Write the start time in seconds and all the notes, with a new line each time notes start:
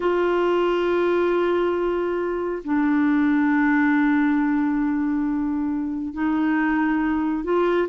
0.00 F4
2.63 D4
6.13 D#4
7.44 F4